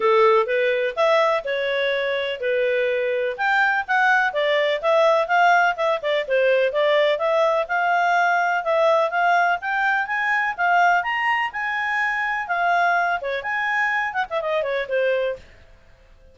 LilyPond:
\new Staff \with { instrumentName = "clarinet" } { \time 4/4 \tempo 4 = 125 a'4 b'4 e''4 cis''4~ | cis''4 b'2 g''4 | fis''4 d''4 e''4 f''4 | e''8 d''8 c''4 d''4 e''4 |
f''2 e''4 f''4 | g''4 gis''4 f''4 ais''4 | gis''2 f''4. cis''8 | gis''4. fis''16 e''16 dis''8 cis''8 c''4 | }